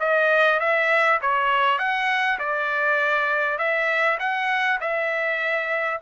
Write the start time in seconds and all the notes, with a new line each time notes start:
0.00 D#5
0.60 E5
1.21 C#5
1.79 F#5
2.39 D5
3.58 E5
4.19 F#5
4.81 E5